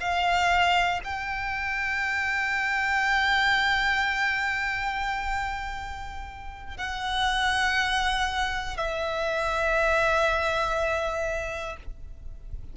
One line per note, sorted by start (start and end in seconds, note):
0.00 1.00 F5
1.04 6.77 G5
6.77 8.77 F#5
8.77 11.77 E5